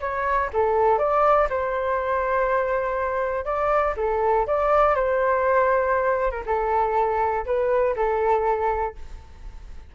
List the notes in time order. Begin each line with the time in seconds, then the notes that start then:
0.00 C#5
0.53 A4
0.98 D5
1.49 C5
3.44 D5
3.97 A4
4.46 D5
4.95 C5
6.31 A#4
6.46 A4
7.45 B4
7.96 A4